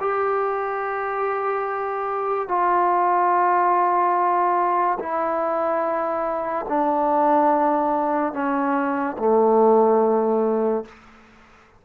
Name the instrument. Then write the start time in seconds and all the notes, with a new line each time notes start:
trombone
0.00 G4
2.48 F4
4.99 E4
6.68 D4
8.33 C#4
9.18 A3